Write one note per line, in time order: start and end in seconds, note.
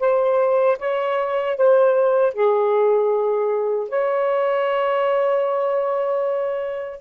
0.00 0.78 C5
0.79 1.57 C#5
1.57 2.34 C5
2.34 3.89 G#4
3.89 7.01 C#5